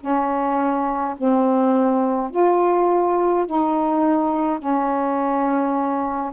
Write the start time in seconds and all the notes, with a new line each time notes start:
0.00 C#4
1.17 C4
2.30 F4
3.46 D#4
4.58 C#4